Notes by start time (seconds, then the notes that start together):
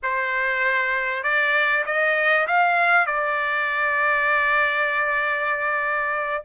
0.03 C5
1.23 D5
1.85 D#5
2.47 F5
3.06 D5